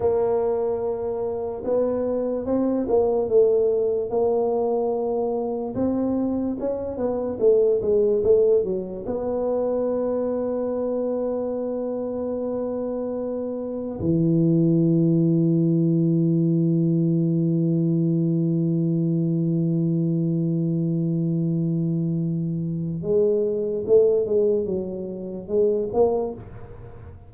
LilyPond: \new Staff \with { instrumentName = "tuba" } { \time 4/4 \tempo 4 = 73 ais2 b4 c'8 ais8 | a4 ais2 c'4 | cis'8 b8 a8 gis8 a8 fis8 b4~ | b1~ |
b4 e2.~ | e1~ | e1 | gis4 a8 gis8 fis4 gis8 ais8 | }